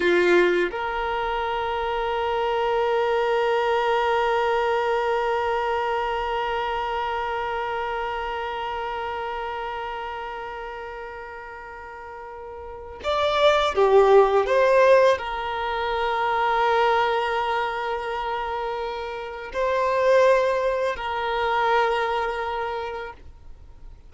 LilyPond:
\new Staff \with { instrumentName = "violin" } { \time 4/4 \tempo 4 = 83 f'4 ais'2.~ | ais'1~ | ais'1~ | ais'1~ |
ais'2 d''4 g'4 | c''4 ais'2.~ | ais'2. c''4~ | c''4 ais'2. | }